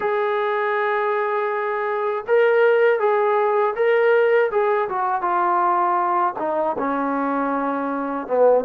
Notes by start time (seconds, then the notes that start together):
0.00 G#4
2.27 A#4
2.99 G#4
3.75 A#4
4.51 G#4
4.89 F#4
5.21 F4
6.39 D#4
6.78 C#4
8.27 B3